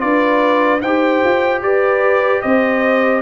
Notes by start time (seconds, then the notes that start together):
0.00 D4 F4 B4 D5
0.81 D#4 G4 C5 G5
1.24 F4
1.61 G4 B4 D5
2.42 C4 C5 D#5